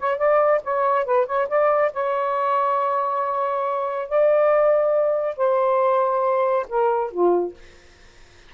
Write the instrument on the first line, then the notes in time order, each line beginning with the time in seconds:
saxophone
0.00 C#5
0.18 D5
0.64 C#5
1.06 B4
1.27 C#5
1.49 D5
1.93 C#5
4.09 D5
5.37 C5
6.69 A#4
7.12 F4